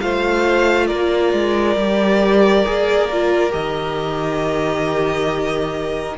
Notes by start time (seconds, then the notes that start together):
0.00 A3 F4 C5 F5
0.87 A#3 A#4 D5
1.33 G#3
1.76 G3 G4
2.65 A#3 G#4
3.13 F4
3.50 D#3 G4 D#5